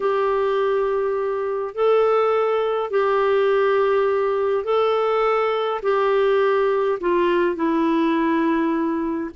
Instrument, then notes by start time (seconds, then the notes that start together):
clarinet
0.00 G4
1.74 A4
2.90 G4
4.64 A4
5.82 G4
7.00 F4
7.55 E4